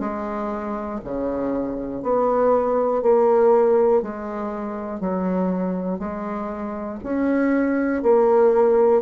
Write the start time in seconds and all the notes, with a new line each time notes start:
0.00 G#3
1.05 C#3
2.03 B3
3.03 A#3
4.03 G#3
5.00 F#3
6.00 G#3
7.04 C#4
8.03 A#3